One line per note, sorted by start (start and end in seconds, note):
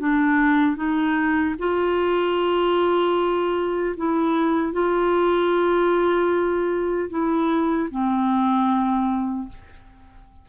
0.00 0.76 D4
0.76 1.55 D#4
1.59 3.95 F4
3.98 4.73 E4
4.73 7.10 F4
7.10 7.89 E4
7.91 9.49 C4